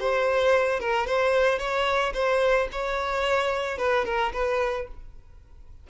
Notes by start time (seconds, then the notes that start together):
0.00 C5
0.80 A#4
1.07 C5
1.59 C#5
2.14 C5
2.72 C#5
3.78 B4
4.05 A#4
4.33 B4